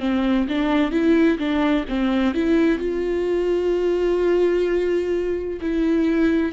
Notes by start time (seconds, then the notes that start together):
0.00 C4
0.49 D4
0.91 E4
1.38 D4
1.89 C4
2.34 E4
2.79 F4
5.61 E4